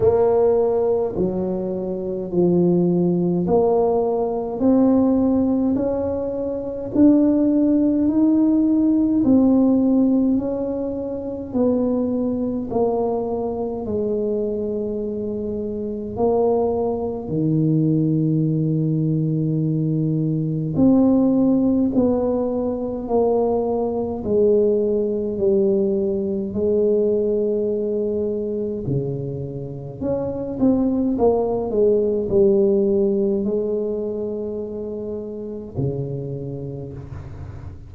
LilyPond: \new Staff \with { instrumentName = "tuba" } { \time 4/4 \tempo 4 = 52 ais4 fis4 f4 ais4 | c'4 cis'4 d'4 dis'4 | c'4 cis'4 b4 ais4 | gis2 ais4 dis4~ |
dis2 c'4 b4 | ais4 gis4 g4 gis4~ | gis4 cis4 cis'8 c'8 ais8 gis8 | g4 gis2 cis4 | }